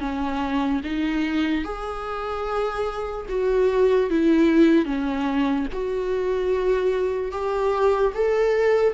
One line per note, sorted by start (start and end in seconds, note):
0.00 0.81 C#4
0.84 1.64 D#4
1.64 3.26 G#4
3.28 4.09 F#4
4.10 4.85 E4
4.85 5.66 C#4
5.72 7.32 F#4
7.32 8.13 G4
8.14 8.94 A4